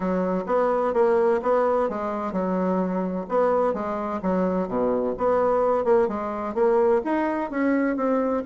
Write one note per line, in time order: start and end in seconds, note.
0.00 0.44 F#3
0.46 0.93 B3
0.93 1.40 A#3
1.42 1.89 B3
1.89 2.32 G#3
2.32 3.26 F#3
3.28 3.73 B3
3.73 4.20 G#3
4.22 4.67 F#3
4.67 5.14 B2
5.17 5.84 B3
5.84 6.07 A#3
6.08 6.54 G#3
6.54 7.01 A#3
7.04 7.50 D#4
7.50 7.96 C#4
7.96 8.43 C4